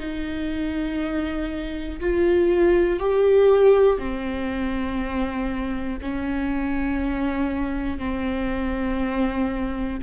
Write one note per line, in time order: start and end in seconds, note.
0.00 2.00 D#4
2.01 3.00 F4
3.00 3.99 G4
3.99 5.99 C4
6.02 7.99 C#4
7.99 9.99 C4